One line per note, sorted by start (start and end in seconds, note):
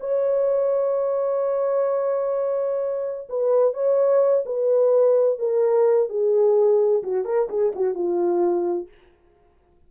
0.00 3.28 C#5
3.29 3.74 B4
3.74 4.44 C#5
4.46 5.39 B4
5.39 6.09 A#4
6.09 7.03 G#4
7.03 7.25 F#4
7.25 7.49 A#4
7.49 7.73 G#4
7.75 7.94 F#4
7.94 8.88 F4